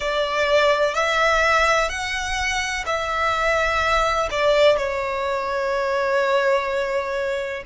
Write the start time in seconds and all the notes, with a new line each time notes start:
0.00 D5
0.94 E5
1.89 F#5
2.86 E5
4.31 D5
4.77 C#5